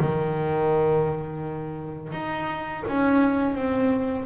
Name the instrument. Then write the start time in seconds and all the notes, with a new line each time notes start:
double bass
0.00 D#3
2.13 D#4
2.88 C#4
3.55 C4